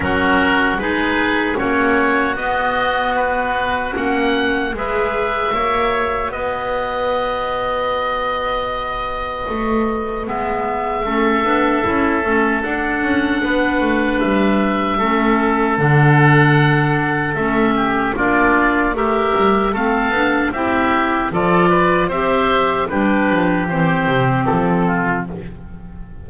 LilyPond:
<<
  \new Staff \with { instrumentName = "oboe" } { \time 4/4 \tempo 4 = 76 ais'4 b'4 cis''4 dis''4 | b'4 fis''4 e''2 | dis''1~ | dis''4 e''2. |
fis''2 e''2 | fis''2 e''4 d''4 | e''4 f''4 e''4 d''4 | e''4 b'4 c''4 a'4 | }
  \new Staff \with { instrumentName = "oboe" } { \time 4/4 fis'4 gis'4 fis'2~ | fis'2 b'4 cis''4 | b'1~ | b'2 a'2~ |
a'4 b'2 a'4~ | a'2~ a'8 g'8 f'4 | ais'4 a'4 g'4 a'8 b'8 | c''4 g'2~ g'8 f'8 | }
  \new Staff \with { instrumentName = "clarinet" } { \time 4/4 cis'4 dis'4 cis'4 b4~ | b4 cis'4 gis'4 fis'4~ | fis'1~ | fis'4 b4 cis'8 d'8 e'8 cis'8 |
d'2. cis'4 | d'2 cis'4 d'4 | g'4 c'8 d'8 e'4 f'4 | g'4 d'4 c'2 | }
  \new Staff \with { instrumentName = "double bass" } { \time 4/4 fis4 gis4 ais4 b4~ | b4 ais4 gis4 ais4 | b1 | a4 gis4 a8 b8 cis'8 a8 |
d'8 cis'8 b8 a8 g4 a4 | d2 a4 ais4 | a8 g8 a8 b8 c'4 f4 | c'4 g8 f8 e8 c8 f4 | }
>>